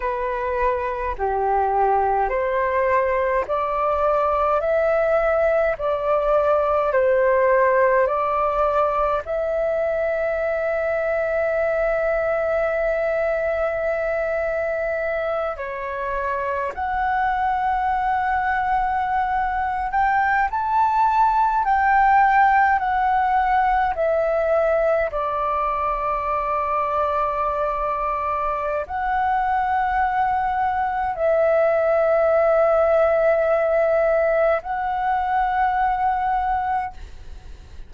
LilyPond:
\new Staff \with { instrumentName = "flute" } { \time 4/4 \tempo 4 = 52 b'4 g'4 c''4 d''4 | e''4 d''4 c''4 d''4 | e''1~ | e''4. cis''4 fis''4.~ |
fis''4~ fis''16 g''8 a''4 g''4 fis''16~ | fis''8. e''4 d''2~ d''16~ | d''4 fis''2 e''4~ | e''2 fis''2 | }